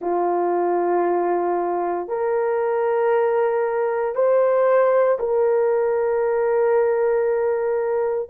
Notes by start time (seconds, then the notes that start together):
0.00 F4
2.08 A#4
4.15 C5
5.19 A#4